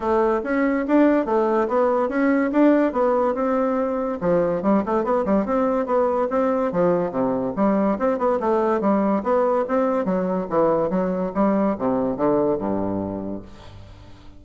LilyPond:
\new Staff \with { instrumentName = "bassoon" } { \time 4/4 \tempo 4 = 143 a4 cis'4 d'4 a4 | b4 cis'4 d'4 b4 | c'2 f4 g8 a8 | b8 g8 c'4 b4 c'4 |
f4 c4 g4 c'8 b8 | a4 g4 b4 c'4 | fis4 e4 fis4 g4 | c4 d4 g,2 | }